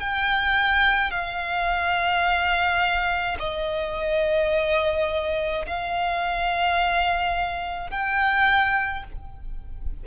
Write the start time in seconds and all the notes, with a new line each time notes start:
0.00 G5
1.11 F5
3.39 D#5
5.66 F5
7.90 G5